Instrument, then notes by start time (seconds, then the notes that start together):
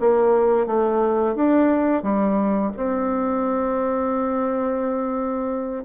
bassoon
0.00 A#3
0.66 A3
1.35 D4
2.03 G3
2.76 C4